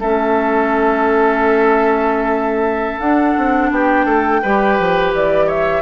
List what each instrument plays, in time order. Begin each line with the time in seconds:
0.00 bassoon A3, clarinet C#4, oboe A4, flute E5
3.00 bassoon D4, clarinet D4, flute F#5
3.38 bassoon C4
3.71 bassoon B3, oboe G4, flute G5
4.06 bassoon A3, oboe A4
4.43 bassoon G3, clarinet G4, oboe B4
4.79 bassoon F3
5.14 bassoon E3, flute D5
5.47 oboe C#5, flute E5